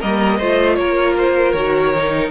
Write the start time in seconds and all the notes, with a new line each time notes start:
0.00 G3 A#3 A#4 D#5
0.38 A3 F4 C5
0.76 A#3 A#4 C#5
1.18 C5
1.53 D#3 F#4 C#5
1.97 D#4